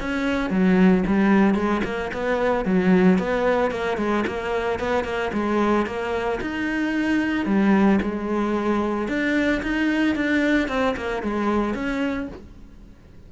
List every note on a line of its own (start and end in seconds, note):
0.00 0.50 C#4
0.50 1.04 F#3
1.07 1.55 G3
1.55 1.82 G#3
1.84 2.11 A#3
2.14 2.65 B3
2.65 3.19 F#3
3.19 3.71 B3
3.71 3.98 A#3
3.98 4.24 G#3
4.27 4.79 A#3
4.79 5.05 B3
5.05 5.31 A#3
5.33 5.87 G#3
5.87 6.40 A#3
6.41 7.46 D#4
7.46 7.99 G3
8.02 9.08 G#3
9.08 9.62 D4
9.63 10.16 D#4
10.16 10.69 D4
10.69 10.95 C4
10.97 11.23 A#3
11.23 11.74 G#3
11.74 12.28 C#4